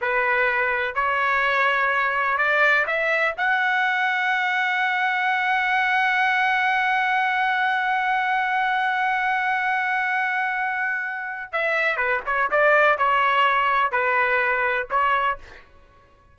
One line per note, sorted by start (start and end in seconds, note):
0.01 0.94 B4
0.94 2.37 C#5
2.37 2.85 D5
2.86 3.34 E5
3.37 11.52 F#5
11.52 11.97 E5
11.97 12.21 B4
12.26 12.50 C#5
12.50 12.98 D5
12.98 13.91 C#5
13.91 14.87 B4
14.90 15.38 C#5